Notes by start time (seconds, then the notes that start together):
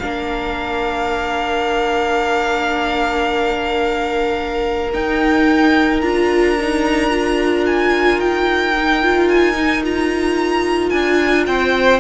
0.00 A#3 D4 A#4 F5
4.93 D#4 G5
6.01 D4 F4 A#5
6.61 D#4
7.10 F4
7.66 G#5
8.18 D#4 G5
8.77 D#4
9.03 F4
9.29 G#5
9.55 D#4
9.83 F4 A#5
10.90 D4 G#5
11.47 C4 C5 G5